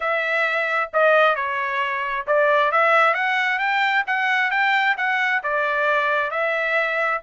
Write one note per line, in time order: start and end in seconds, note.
0.00 0.90 E5
0.93 1.35 D#5
1.35 2.26 C#5
2.26 2.71 D5
2.71 3.14 E5
3.14 3.59 F#5
3.59 4.04 G5
4.06 4.50 F#5
4.50 4.95 G5
4.97 5.42 F#5
5.43 6.30 D5
6.30 7.21 E5